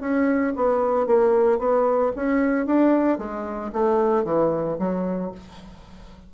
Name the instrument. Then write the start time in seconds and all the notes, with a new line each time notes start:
bassoon
0.00 C#4
0.56 B3
1.06 A#3
1.58 B3
2.16 C#4
2.66 D4
3.18 G#3
3.72 A3
4.24 E3
4.78 F#3